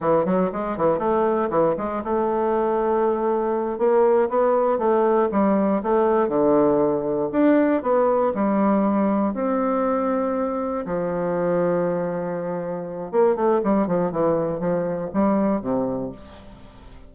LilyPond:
\new Staff \with { instrumentName = "bassoon" } { \time 4/4 \tempo 4 = 119 e8 fis8 gis8 e8 a4 e8 gis8 | a2.~ a8 ais8~ | ais8 b4 a4 g4 a8~ | a8 d2 d'4 b8~ |
b8 g2 c'4.~ | c'4. f2~ f8~ | f2 ais8 a8 g8 f8 | e4 f4 g4 c4 | }